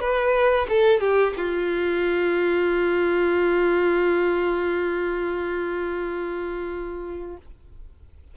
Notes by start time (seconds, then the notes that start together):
0.00 B4
0.69 A4
1.00 G4
1.37 F4